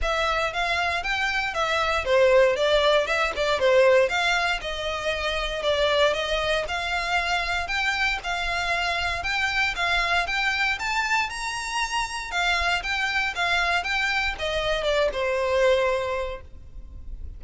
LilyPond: \new Staff \with { instrumentName = "violin" } { \time 4/4 \tempo 4 = 117 e''4 f''4 g''4 e''4 | c''4 d''4 e''8 d''8 c''4 | f''4 dis''2 d''4 | dis''4 f''2 g''4 |
f''2 g''4 f''4 | g''4 a''4 ais''2 | f''4 g''4 f''4 g''4 | dis''4 d''8 c''2~ c''8 | }